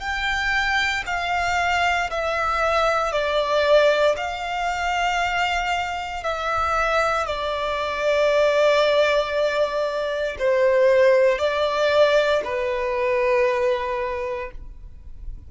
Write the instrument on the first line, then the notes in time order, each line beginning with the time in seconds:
violin
0.00 G5
1.07 F5
2.11 E5
3.13 D5
4.17 F5
6.24 E5
7.26 D5
10.39 C5
11.39 D5
12.45 B4